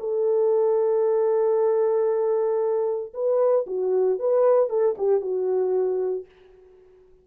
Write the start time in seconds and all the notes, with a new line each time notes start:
0.00 A4
3.14 B4
3.67 F#4
4.20 B4
4.70 A4
4.98 G4
5.21 F#4